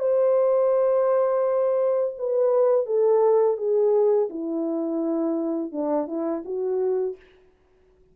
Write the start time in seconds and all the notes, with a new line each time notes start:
0.00 C5
2.18 B4
2.86 A4
3.57 G#4
4.30 E4
5.72 D4
6.07 E4
6.45 F#4